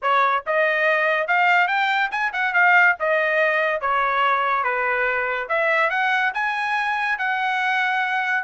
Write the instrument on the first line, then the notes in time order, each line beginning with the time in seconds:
trumpet
0.02 C#5
0.46 D#5
1.27 F5
1.67 G5
2.11 G#5
2.32 F#5
2.53 F5
2.99 D#5
3.80 C#5
4.63 B4
5.48 E5
5.90 F#5
6.34 G#5
7.18 F#5